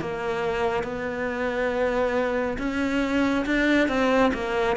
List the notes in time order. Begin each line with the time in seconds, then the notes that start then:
0.00 A#3
0.83 B3
2.58 C#4
3.46 D4
3.88 C4
4.34 A#3